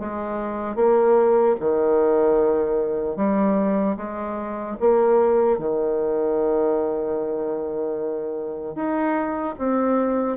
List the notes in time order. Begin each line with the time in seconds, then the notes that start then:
0.00 G#3
0.76 A#3
1.60 D#3
3.17 G3
3.97 G#3
4.80 A#3
5.59 D#3
8.76 D#4
9.59 C4